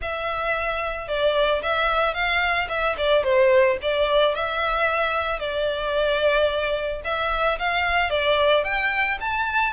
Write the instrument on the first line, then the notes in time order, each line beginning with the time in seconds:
violin
0.01 E5
1.08 D5
1.62 E5
2.14 F5
2.69 E5
2.97 D5
3.23 C5
3.82 D5
4.34 E5
5.39 D5
7.04 E5
7.58 F5
8.10 D5
8.64 G5
9.20 A5